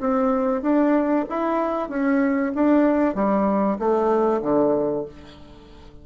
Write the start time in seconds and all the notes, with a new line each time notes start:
0.00 C4
0.62 D4
1.29 E4
1.89 C#4
2.55 D4
3.15 G3
3.79 A3
4.42 D3